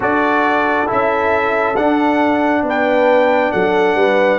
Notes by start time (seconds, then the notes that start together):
0.00 D4 F#4 A4 D5
0.86 C#4 E4 E5
1.76 D4 F#5
2.62 B3 B4
2.69 G5
3.52 F#3 A4 F#5
3.94 G3 B4